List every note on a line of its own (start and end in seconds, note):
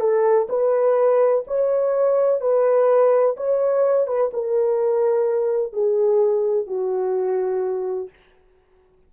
0.00 0.48 A4
0.49 1.44 B4
1.47 2.41 C#5
2.41 3.36 B4
3.37 4.07 C#5
4.07 4.31 B4
4.33 5.73 A#4
5.73 6.67 G#4
6.67 8.10 F#4